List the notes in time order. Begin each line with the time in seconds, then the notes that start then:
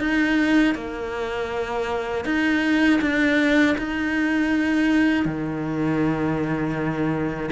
0.00 D#4
0.75 A#3
2.25 D#4
3.01 D4
3.78 D#4
5.26 D#3